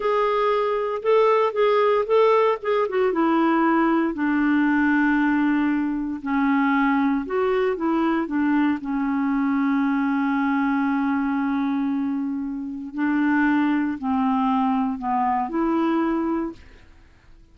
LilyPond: \new Staff \with { instrumentName = "clarinet" } { \time 4/4 \tempo 4 = 116 gis'2 a'4 gis'4 | a'4 gis'8 fis'8 e'2 | d'1 | cis'2 fis'4 e'4 |
d'4 cis'2.~ | cis'1~ | cis'4 d'2 c'4~ | c'4 b4 e'2 | }